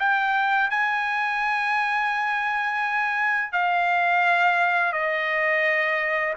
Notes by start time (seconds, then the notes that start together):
0.00 G5
0.71 G#5
3.53 F5
4.93 D#5